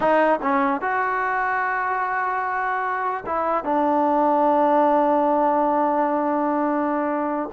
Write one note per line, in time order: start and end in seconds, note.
0.00 0.39 D#4
0.41 0.81 C#4
0.81 3.24 F#4
3.25 3.64 E4
3.64 7.49 D4